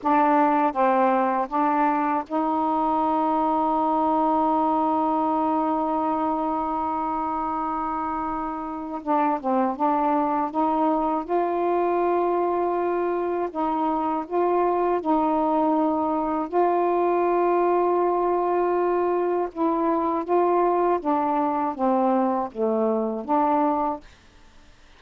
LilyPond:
\new Staff \with { instrumentName = "saxophone" } { \time 4/4 \tempo 4 = 80 d'4 c'4 d'4 dis'4~ | dis'1~ | dis'1 | d'8 c'8 d'4 dis'4 f'4~ |
f'2 dis'4 f'4 | dis'2 f'2~ | f'2 e'4 f'4 | d'4 c'4 a4 d'4 | }